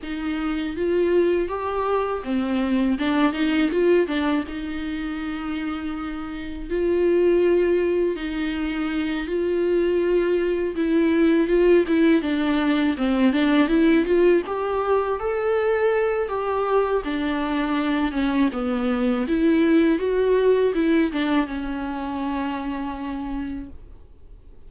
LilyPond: \new Staff \with { instrumentName = "viola" } { \time 4/4 \tempo 4 = 81 dis'4 f'4 g'4 c'4 | d'8 dis'8 f'8 d'8 dis'2~ | dis'4 f'2 dis'4~ | dis'8 f'2 e'4 f'8 |
e'8 d'4 c'8 d'8 e'8 f'8 g'8~ | g'8 a'4. g'4 d'4~ | d'8 cis'8 b4 e'4 fis'4 | e'8 d'8 cis'2. | }